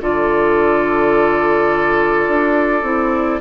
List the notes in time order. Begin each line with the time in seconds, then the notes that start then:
0.00 D3 F4 A4 D5
2.28 D4
2.83 C4 E4